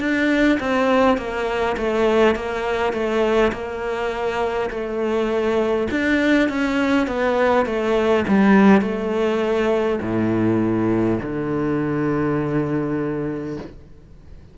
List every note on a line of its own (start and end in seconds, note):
0.00 0.59 D4
0.60 1.17 C4
1.17 1.76 A#3
1.77 2.35 A3
2.35 2.93 A#3
2.93 3.52 A3
3.52 4.70 A#3
4.70 5.88 A3
5.91 6.49 D4
6.49 7.07 C#4
7.07 7.66 B3
7.66 8.25 A3
8.28 8.81 G3
8.81 9.99 A3
10.01 11.19 A2
11.22 13.57 D3